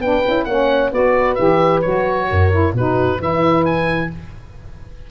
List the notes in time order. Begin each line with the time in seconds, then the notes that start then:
0.00 B3 D4 B4 G5
0.26 C#4 E4
0.45 A#3 C#4 C#5 F#5
0.92 B3 F#4 B4 D5
1.35 E3 G4 E5
1.82 F#3 F#4 C#5
2.30 F#2 A#4
2.51 E4
2.73 B2 D#4 F#4 B4
3.20 E3 E4 B4 E5
3.65 G#5